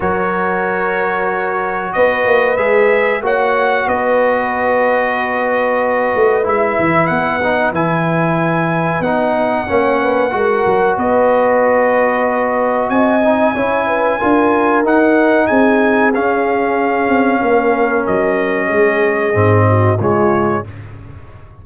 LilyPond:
<<
  \new Staff \with { instrumentName = "trumpet" } { \time 4/4 \tempo 4 = 93 cis''2. dis''4 | e''4 fis''4 dis''2~ | dis''2 e''4 fis''4 | gis''2 fis''2~ |
fis''4 dis''2. | gis''2. fis''4 | gis''4 f''2. | dis''2. cis''4 | }
  \new Staff \with { instrumentName = "horn" } { \time 4/4 ais'2. b'4~ | b'4 cis''4 b'2~ | b'1~ | b'2. cis''8 b'8 |
ais'4 b'2. | dis''4 cis''8 b'8 ais'2 | gis'2. ais'4~ | ais'4 gis'4. fis'8 f'4 | }
  \new Staff \with { instrumentName = "trombone" } { \time 4/4 fis'1 | gis'4 fis'2.~ | fis'2 e'4. dis'8 | e'2 dis'4 cis'4 |
fis'1~ | fis'8 dis'8 e'4 f'4 dis'4~ | dis'4 cis'2.~ | cis'2 c'4 gis4 | }
  \new Staff \with { instrumentName = "tuba" } { \time 4/4 fis2. b8 ais8 | gis4 ais4 b2~ | b4. a8 gis8 e8 b4 | e2 b4 ais4 |
gis8 fis8 b2. | c'4 cis'4 d'4 dis'4 | c'4 cis'4. c'8 ais4 | fis4 gis4 gis,4 cis4 | }
>>